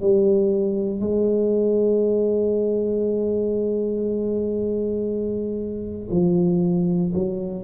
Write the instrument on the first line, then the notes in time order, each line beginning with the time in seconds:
tuba
0.00 G3
1.00 G#3
6.10 F3
7.14 F#3